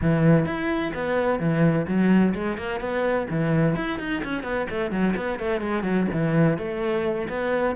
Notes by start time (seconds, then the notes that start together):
0.01 E3
0.45 E4
0.94 B3
1.39 E3
1.87 F#3
2.34 G#3
2.57 A#3
2.80 B3
3.30 E3
3.75 E4
3.99 D#4
4.23 C#4
4.43 B3
4.70 A3
4.91 F#3
5.16 B3
5.39 A3
5.61 G#3
5.83 F#3
6.12 E3
6.58 A3
7.28 B3